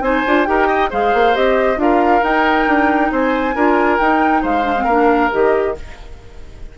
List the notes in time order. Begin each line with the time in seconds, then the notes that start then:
0.00 C4 D#4 C5 G#5
0.26 D4 F4
0.45 D#4 G4 A#4 G5
0.67 D#5
0.90 G#3 G#4 C5 F5
1.13 A#3
1.33 C4 G4 D#5
1.76 D4 F4 A#4 F5
2.23 D#4 G5
2.67 D4
3.11 C4 C5 G#5
3.55 D4 F4 A#4
3.98 D#4 G5
4.42 G#3 C5 F5
4.62 D4
4.77 C4
4.84 A#3 D4 A#4
5.31 D#3 G4 D#5